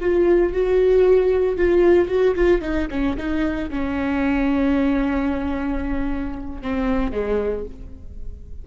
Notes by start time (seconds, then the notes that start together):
0.00 F4
0.53 F#4
1.57 F4
2.08 F#4
2.35 F4
2.61 D#4
2.90 C#4
3.17 D#4
3.70 C#4
6.62 C4
7.11 G#3